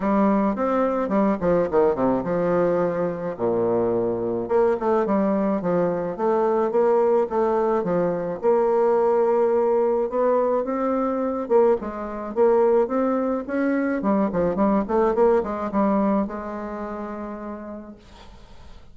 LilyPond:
\new Staff \with { instrumentName = "bassoon" } { \time 4/4 \tempo 4 = 107 g4 c'4 g8 f8 dis8 c8 | f2 ais,2 | ais8 a8 g4 f4 a4 | ais4 a4 f4 ais4~ |
ais2 b4 c'4~ | c'8 ais8 gis4 ais4 c'4 | cis'4 g8 f8 g8 a8 ais8 gis8 | g4 gis2. | }